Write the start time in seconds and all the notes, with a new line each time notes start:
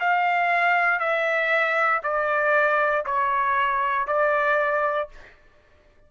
0.00 F5
0.99 E5
2.03 D5
3.06 C#5
4.07 D5